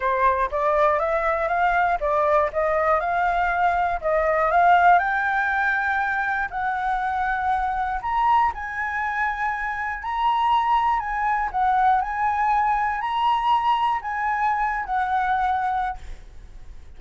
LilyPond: \new Staff \with { instrumentName = "flute" } { \time 4/4 \tempo 4 = 120 c''4 d''4 e''4 f''4 | d''4 dis''4 f''2 | dis''4 f''4 g''2~ | g''4 fis''2. |
ais''4 gis''2. | ais''2 gis''4 fis''4 | gis''2 ais''2 | gis''4.~ gis''16 fis''2~ fis''16 | }